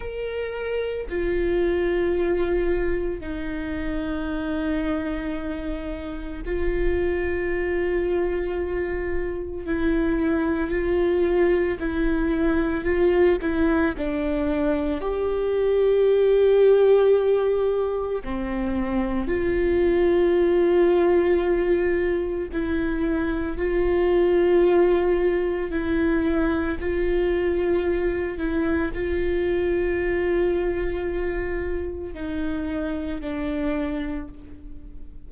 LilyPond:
\new Staff \with { instrumentName = "viola" } { \time 4/4 \tempo 4 = 56 ais'4 f'2 dis'4~ | dis'2 f'2~ | f'4 e'4 f'4 e'4 | f'8 e'8 d'4 g'2~ |
g'4 c'4 f'2~ | f'4 e'4 f'2 | e'4 f'4. e'8 f'4~ | f'2 dis'4 d'4 | }